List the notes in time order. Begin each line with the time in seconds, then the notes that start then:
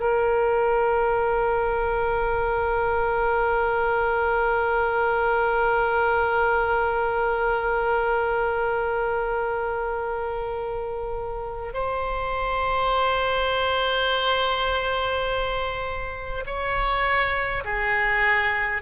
0.00 A#4
11.74 C5
16.47 C#5
17.65 G#4